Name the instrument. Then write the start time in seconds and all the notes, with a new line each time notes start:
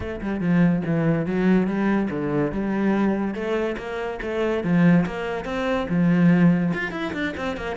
cello
0.00 A3
0.21 G3
0.40 F3
0.85 E3
1.25 F#3
1.67 G3
2.10 D3
2.52 G3
3.34 A3
3.77 A#3
4.21 A3
4.63 F3
5.06 A#3
5.44 C4
5.89 F3
6.73 F4
6.91 E4
7.13 D4
7.36 C4
7.56 A#3